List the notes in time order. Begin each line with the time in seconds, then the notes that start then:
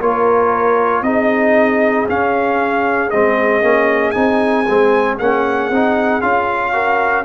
0.00 A#3 F4 A#4 C#5
1.02 C4 D#4 G#4 D#5
2.08 C#4 F5
3.10 G#3 C4 D#5
3.62 A#3 C#4
4.11 C4 D#4 G#5
4.68 G#3 C4
5.18 A#3 C#4 F#5
5.70 C4 D#4
6.21 C#4 F4 F5
6.72 F#4 A#4